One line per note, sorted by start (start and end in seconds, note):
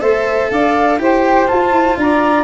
0.00 0.51 A3
0.00 0.98 A4
0.00 0.51 C5
0.00 0.50 E5
0.51 0.99 D4
0.51 1.00 D5
0.51 1.00 F5
0.99 1.48 E4
0.99 1.48 G4
0.99 1.99 C5
0.99 1.48 G5
1.48 2.44 F4
1.48 1.71 F4
1.48 1.97 A5
1.71 1.95 E4
1.97 2.44 D4
1.97 2.44 D5
1.97 2.44 A#5